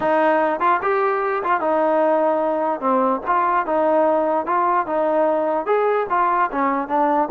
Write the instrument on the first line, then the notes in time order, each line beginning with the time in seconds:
trombone
0.00 D#4
0.60 F4
0.82 G4
1.43 F4
1.60 D#4
2.80 C4
3.26 F4
3.65 D#4
4.46 F4
4.86 D#4
5.66 G#4
6.09 F4
6.51 C#4
6.88 D4